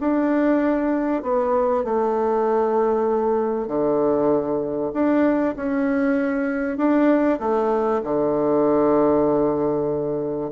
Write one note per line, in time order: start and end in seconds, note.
0.00 1.23 D4
1.23 1.84 B3
1.84 3.67 A3
3.67 4.91 D3
4.93 5.55 D4
5.56 6.77 C#4
6.77 7.39 D4
7.39 8.01 A3
8.04 10.51 D3